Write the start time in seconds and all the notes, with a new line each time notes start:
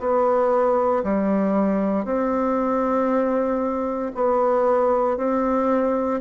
0.00 B3
1.04 G3
2.05 C4
4.15 B3
5.18 C4